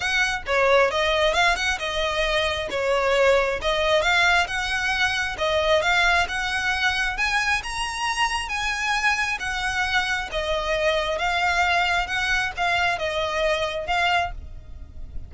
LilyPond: \new Staff \with { instrumentName = "violin" } { \time 4/4 \tempo 4 = 134 fis''4 cis''4 dis''4 f''8 fis''8 | dis''2 cis''2 | dis''4 f''4 fis''2 | dis''4 f''4 fis''2 |
gis''4 ais''2 gis''4~ | gis''4 fis''2 dis''4~ | dis''4 f''2 fis''4 | f''4 dis''2 f''4 | }